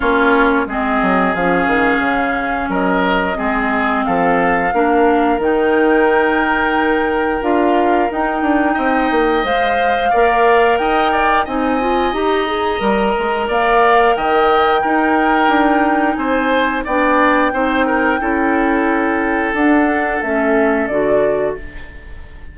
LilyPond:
<<
  \new Staff \with { instrumentName = "flute" } { \time 4/4 \tempo 4 = 89 cis''4 dis''4 f''2 | dis''2 f''2 | g''2. f''4 | g''2 f''2 |
g''4 gis''4 ais''2 | f''4 g''2. | gis''4 g''2.~ | g''4 fis''4 e''4 d''4 | }
  \new Staff \with { instrumentName = "oboe" } { \time 4/4 f'4 gis'2. | ais'4 gis'4 a'4 ais'4~ | ais'1~ | ais'4 dis''2 d''4 |
dis''8 d''8 dis''2. | d''4 dis''4 ais'2 | c''4 d''4 c''8 ais'8 a'4~ | a'1 | }
  \new Staff \with { instrumentName = "clarinet" } { \time 4/4 cis'4 c'4 cis'2~ | cis'4 c'2 d'4 | dis'2. f'4 | dis'2 c''4 ais'4~ |
ais'4 dis'8 f'8 g'8 gis'8 ais'4~ | ais'2 dis'2~ | dis'4 d'4 dis'4 e'4~ | e'4 d'4 cis'4 fis'4 | }
  \new Staff \with { instrumentName = "bassoon" } { \time 4/4 ais4 gis8 fis8 f8 dis8 cis4 | fis4 gis4 f4 ais4 | dis2. d'4 | dis'8 d'8 c'8 ais8 gis4 ais4 |
dis'4 c'4 dis'4 g8 gis8 | ais4 dis4 dis'4 d'4 | c'4 b4 c'4 cis'4~ | cis'4 d'4 a4 d4 | }
>>